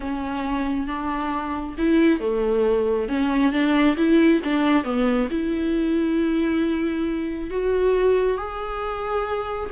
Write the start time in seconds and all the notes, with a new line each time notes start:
0.00 C#4
0.87 D4
1.78 E4
2.20 A3
3.08 C#4
3.52 D4
3.96 E4
4.44 D4
4.83 B3
5.30 E4
7.50 F#4
8.37 G#4